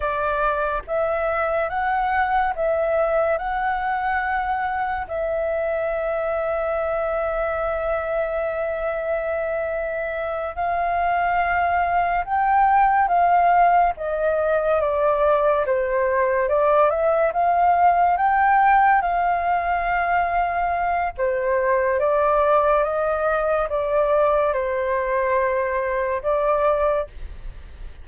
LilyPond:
\new Staff \with { instrumentName = "flute" } { \time 4/4 \tempo 4 = 71 d''4 e''4 fis''4 e''4 | fis''2 e''2~ | e''1~ | e''8 f''2 g''4 f''8~ |
f''8 dis''4 d''4 c''4 d''8 | e''8 f''4 g''4 f''4.~ | f''4 c''4 d''4 dis''4 | d''4 c''2 d''4 | }